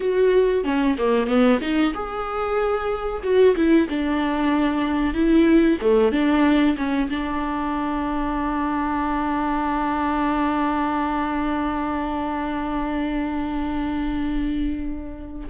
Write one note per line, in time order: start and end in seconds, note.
0.00 0.64 F#4
0.64 0.96 C#4
0.98 1.26 A#3
1.26 1.59 B3
1.61 1.93 D#4
1.94 3.23 G#4
3.23 3.55 F#4
3.55 3.88 E4
3.89 5.13 D4
5.13 5.78 E4
5.81 6.11 A3
6.11 6.76 D4
6.77 7.09 C#4
7.09 15.48 D4